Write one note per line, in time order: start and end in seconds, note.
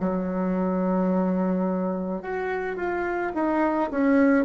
0.00 2.22 F#3
2.22 2.76 F#4
2.76 3.32 F4
3.34 3.89 D#4
3.90 4.45 C#4